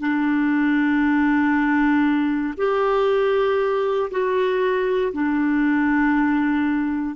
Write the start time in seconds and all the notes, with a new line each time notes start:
0.00 D4
2.57 G4
4.10 F#4
5.13 D4